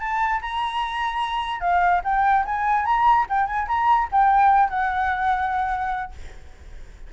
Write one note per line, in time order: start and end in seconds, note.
0.00 0.41 A5
0.42 1.61 A#5
1.61 2.02 F5
2.04 2.45 G5
2.46 2.86 G#5
2.86 3.27 A#5
3.30 3.47 G5
3.47 3.67 G#5
3.68 4.09 A#5
4.12 4.70 G5
4.70 6.12 F#5